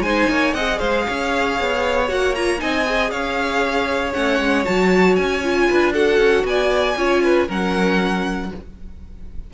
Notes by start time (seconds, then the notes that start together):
0.00 G#3 D#4 C5 G#5
0.30 A#3 C#5
0.54 C4 G#4 D#5 F#5
0.79 G#3 C5 F5
1.07 C#4 C#5
1.60 B3
2.08 A#3 F#4 F#5
2.35 F4 A#5
2.59 C4 D#4 D#5 G#5
2.85 G#4
3.11 C#4 C#5 F5
4.13 A3 C#4 F#5
4.40 G#3
4.64 F#3 F#4 A5
5.15 C#4 G#5
5.44 F4
5.69 D4 B4
5.93 F#4 A4 F#5
6.18 C#4
6.44 B3 D5 G#5
6.97 C#4 F4 C#5
7.24 B4
7.48 F#3 C#4 A#4 F#5